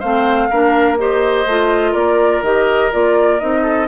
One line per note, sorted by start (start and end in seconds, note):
0.00 0.51 A3
0.00 0.51 C4
0.00 0.48 C5
0.00 0.97 F5
0.50 1.46 A#3
0.50 0.98 D4
0.50 0.98 A#4
0.98 1.47 G4
0.98 1.92 C5
0.98 1.94 D#5
1.46 1.94 A3
1.46 2.44 F4
1.92 2.42 A#3
1.92 3.61 A#4
1.92 2.43 D5
2.42 2.91 D#3
2.42 2.92 G4
2.42 2.92 D#5
2.92 3.42 A#3
2.92 3.40 F4
2.92 3.40 D5
3.40 3.89 C4
3.40 3.88 D#4
3.40 3.88 D#5
3.63 3.87 A4